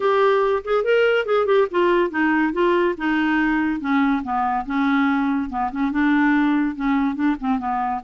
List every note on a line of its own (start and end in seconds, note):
0.00 0.62 G4
0.64 0.84 G#4
0.84 1.25 A#4
1.25 1.46 G#4
1.46 1.67 G4
1.70 2.10 F4
2.10 2.52 D#4
2.52 2.95 F4
2.97 3.80 D#4
3.80 4.22 C#4
4.23 4.65 B3
4.65 5.49 C#4
5.49 5.70 B3
5.71 5.91 C#4
5.91 6.75 D4
6.75 7.15 C#4
7.15 7.36 D4
7.40 7.58 C4
7.58 8.01 B3